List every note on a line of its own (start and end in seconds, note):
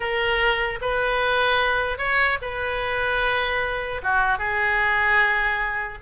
0.00 0.79 A#4
0.81 1.97 B4
1.97 2.37 C#5
2.41 4.01 B4
4.02 4.38 F#4
4.38 5.98 G#4